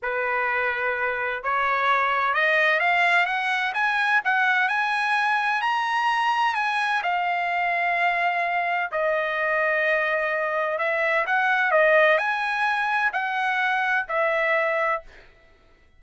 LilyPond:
\new Staff \with { instrumentName = "trumpet" } { \time 4/4 \tempo 4 = 128 b'2. cis''4~ | cis''4 dis''4 f''4 fis''4 | gis''4 fis''4 gis''2 | ais''2 gis''4 f''4~ |
f''2. dis''4~ | dis''2. e''4 | fis''4 dis''4 gis''2 | fis''2 e''2 | }